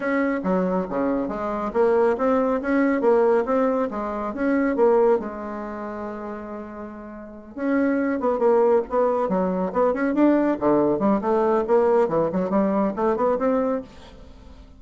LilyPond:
\new Staff \with { instrumentName = "bassoon" } { \time 4/4 \tempo 4 = 139 cis'4 fis4 cis4 gis4 | ais4 c'4 cis'4 ais4 | c'4 gis4 cis'4 ais4 | gis1~ |
gis4. cis'4. b8 ais8~ | ais8 b4 fis4 b8 cis'8 d'8~ | d'8 d4 g8 a4 ais4 | e8 fis8 g4 a8 b8 c'4 | }